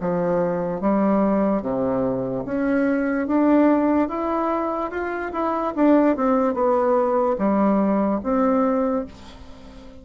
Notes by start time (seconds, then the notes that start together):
0.00 F3
0.81 G3
1.62 C3
2.45 C#4
3.27 D4
4.08 E4
4.91 F4
5.32 E4
5.75 D4
6.16 C4
6.53 B3
7.38 G3
8.23 C4